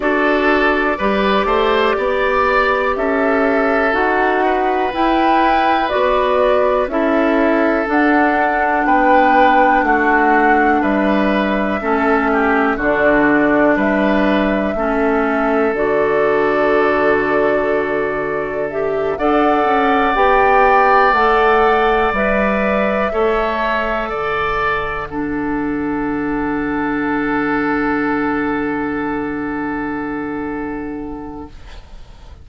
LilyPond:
<<
  \new Staff \with { instrumentName = "flute" } { \time 4/4 \tempo 4 = 61 d''2. e''4 | fis''4 g''4 d''4 e''4 | fis''4 g''4 fis''4 e''4~ | e''4 d''4 e''2 |
d''2. e''8 fis''8~ | fis''8 g''4 fis''4 e''4.~ | e''8 fis''2.~ fis''8~ | fis''1 | }
  \new Staff \with { instrumentName = "oboe" } { \time 4/4 a'4 b'8 c''8 d''4 a'4~ | a'8 b'2~ b'8 a'4~ | a'4 b'4 fis'4 b'4 | a'8 g'8 fis'4 b'4 a'4~ |
a'2.~ a'8 d''8~ | d''2.~ d''8 cis''8~ | cis''8 d''4 a'2~ a'8~ | a'1 | }
  \new Staff \with { instrumentName = "clarinet" } { \time 4/4 fis'4 g'2. | fis'4 e'4 fis'4 e'4 | d'1 | cis'4 d'2 cis'4 |
fis'2. g'8 a'8~ | a'8 g'4 a'4 b'4 a'8~ | a'4. d'2~ d'8~ | d'1 | }
  \new Staff \with { instrumentName = "bassoon" } { \time 4/4 d'4 g8 a8 b4 cis'4 | dis'4 e'4 b4 cis'4 | d'4 b4 a4 g4 | a4 d4 g4 a4 |
d2.~ d8 d'8 | cis'8 b4 a4 g4 a8~ | a8 d2.~ d8~ | d1 | }
>>